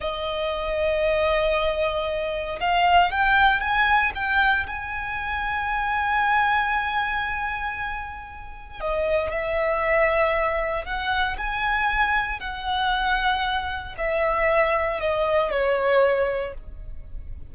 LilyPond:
\new Staff \with { instrumentName = "violin" } { \time 4/4 \tempo 4 = 116 dis''1~ | dis''4 f''4 g''4 gis''4 | g''4 gis''2.~ | gis''1~ |
gis''4 dis''4 e''2~ | e''4 fis''4 gis''2 | fis''2. e''4~ | e''4 dis''4 cis''2 | }